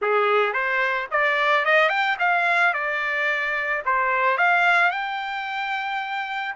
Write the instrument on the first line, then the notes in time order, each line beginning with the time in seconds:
trumpet
0.01 G#4
0.53 C5
1.11 D5
1.65 D#5
1.89 G5
2.19 F5
2.73 D5
3.85 C5
4.37 F5
4.91 G5